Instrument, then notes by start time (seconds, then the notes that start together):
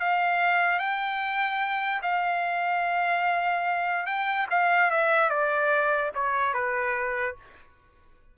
trumpet
0.00 F5
0.79 G5
2.03 F5
4.06 G5
4.50 F5
4.91 E5
5.30 D5
6.15 C#5
6.54 B4